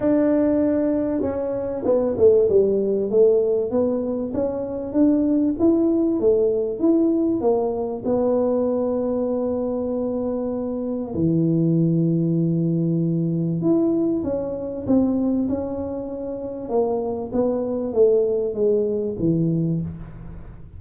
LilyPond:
\new Staff \with { instrumentName = "tuba" } { \time 4/4 \tempo 4 = 97 d'2 cis'4 b8 a8 | g4 a4 b4 cis'4 | d'4 e'4 a4 e'4 | ais4 b2.~ |
b2 e2~ | e2 e'4 cis'4 | c'4 cis'2 ais4 | b4 a4 gis4 e4 | }